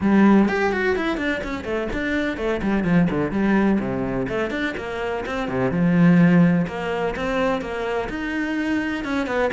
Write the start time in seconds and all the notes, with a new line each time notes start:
0.00 G3
0.48 G4
0.72 F#4
0.95 E4
1.17 D4
1.43 C#4
1.64 A3
1.93 D4
2.37 A3
2.62 G3
2.84 F3
3.10 D3
3.31 G3
3.79 C3
4.28 A3
4.50 D4
4.77 A#3
5.26 C4
5.48 C3
5.71 F3
6.67 A#3
7.16 C4
7.61 A#3
8.09 D#4
9.04 C#4
9.26 B3